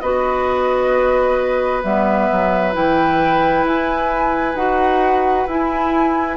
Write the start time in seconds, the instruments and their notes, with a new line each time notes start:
0.00 bassoon B3, clarinet F#4, oboe B4, flute D#5
1.83 bassoon G3, clarinet B3, flute E5
2.31 bassoon F#3
2.73 bassoon E3, clarinet E4, flute G5
3.65 bassoon E4, flute G#5
4.55 bassoon D#4, clarinet F#4, flute F#5
5.47 bassoon E4, clarinet E4, flute G#5